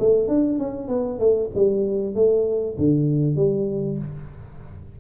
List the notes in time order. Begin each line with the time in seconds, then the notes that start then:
0.00 A3
0.28 D4
0.59 C#4
0.89 B3
1.19 A3
1.55 G3
2.15 A3
2.78 D3
3.36 G3